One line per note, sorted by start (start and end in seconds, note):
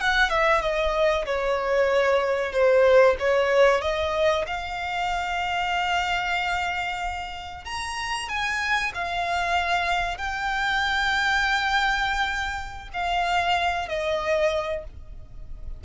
0.00 0.29 F#5
0.29 0.61 E5
0.61 1.25 D#5
1.25 2.52 C#5
2.52 3.16 C5
3.19 3.81 C#5
3.81 4.45 D#5
4.46 7.65 F5
7.65 8.28 A#5
8.28 8.92 G#5
8.94 10.17 F5
10.17 12.88 G5
12.93 13.88 F5
13.88 14.84 D#5